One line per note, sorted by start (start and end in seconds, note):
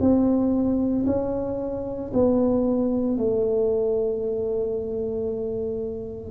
0.00 1.05 C4
1.06 2.11 C#4
2.13 3.17 B3
3.17 6.31 A3